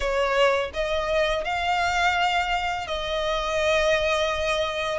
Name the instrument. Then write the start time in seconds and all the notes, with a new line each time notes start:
violin
0.00 C#5
0.73 D#5
1.44 F5
2.87 D#5